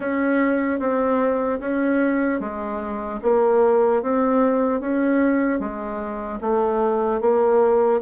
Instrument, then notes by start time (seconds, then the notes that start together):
bassoon
0.00 C#4
0.79 C4
1.60 C#4
2.40 G#3
3.22 A#3
4.02 C4
4.80 C#4
5.59 G#3
6.40 A3
7.20 A#3